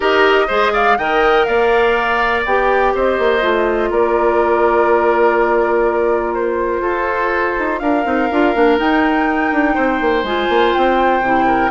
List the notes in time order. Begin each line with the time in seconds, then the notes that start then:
0.00 D#4 G4 A#4 D#5
0.47 G#3 G#4 C5
0.73 D5 F5
0.97 D#3 A#4 D#5 G5
1.44 A#3 D5 F5
2.45 B3 G4 G5
2.94 C4 C5 D#5
3.18 A#3
3.39 A3 F4
3.90 A#3 A#4 D5
6.34 C5
6.81 F4 A4
7.58 D#4
7.79 D4 A#4 F5
8.03 C4 D#4
8.31 D4 F4
8.54 A#3 D4
8.78 D#4 G5
9.51 D4
9.74 C4 C5
10.00 A#3
10.23 G#3 F4 G#5
10.49 A#3
10.73 C4 G5
11.20 C3 E4
11.47 A#4